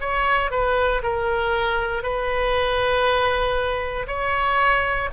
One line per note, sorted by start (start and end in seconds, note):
0.00 0.51 C#5
0.51 1.02 B4
1.03 2.02 A#4
2.02 4.06 B4
4.07 5.09 C#5